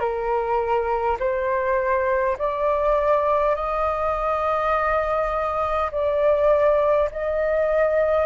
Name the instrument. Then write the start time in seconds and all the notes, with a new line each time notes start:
flute
0.00 A#4
1.19 C5
2.38 D5
3.55 D#5
5.91 D5
7.11 D#5